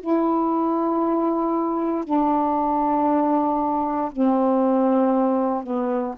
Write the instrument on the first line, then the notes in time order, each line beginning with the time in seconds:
saxophone
0.00 E4
2.05 D4
4.12 C4
5.63 B3